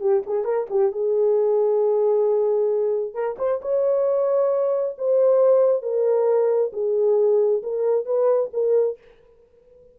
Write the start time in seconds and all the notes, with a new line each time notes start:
0.00 G4
0.26 G#4
0.44 A#4
0.70 G4
0.92 G#4
3.14 A#4
3.38 C5
3.61 C#5
4.98 C5
5.82 A#4
6.73 G#4
7.63 A#4
8.05 B4
8.53 A#4